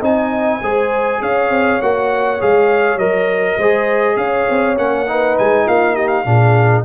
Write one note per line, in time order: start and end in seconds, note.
0.00 0.61 C4
0.00 0.61 D#4
0.00 0.59 D#5
0.00 1.22 G#5
0.62 1.21 G#3
0.62 1.82 G#4
0.62 1.21 C5
1.21 1.50 C#4
1.21 3.58 C#5
1.21 1.82 F5
1.50 1.79 C4
1.82 2.41 A#3
1.82 2.40 F#4
1.82 2.41 F#5
2.40 2.96 G#3
2.40 2.99 G#4
2.40 2.99 F5
2.96 3.55 F#3
2.96 3.59 A#4
2.96 4.17 D#5
3.58 4.16 G#3
3.58 4.77 G#4
3.58 4.17 C5
4.16 4.46 C#4
4.16 5.09 C#5
4.16 4.76 F5
4.50 4.78 C4
4.77 5.37 A#3
4.77 5.07 C#4
4.77 5.37 F#5
5.08 6.25 D#4
5.08 5.65 B4
5.38 5.67 G#3
5.38 5.68 G#5
5.65 6.26 A#3
5.65 5.94 F4
5.65 5.95 F5
5.94 6.24 G4
5.94 6.07 D#5
6.07 6.82 F5
6.25 6.85 A#2
6.25 6.85 D4
6.25 6.85 G#4